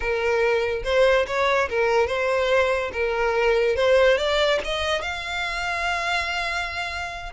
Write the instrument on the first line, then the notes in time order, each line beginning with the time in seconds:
violin
0.00 A#4
0.84 C5
1.26 C#5
1.69 A#4
2.07 C5
2.93 A#4
3.76 C5
4.17 D5
4.64 D#5
5.01 F5